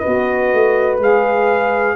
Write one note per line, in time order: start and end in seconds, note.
0.00 1.00 F#4
0.00 1.95 B4
0.00 0.97 D#5
0.07 0.54 B3
0.54 0.99 A3
0.99 1.96 G#3
0.99 1.96 G#4
0.99 1.96 F5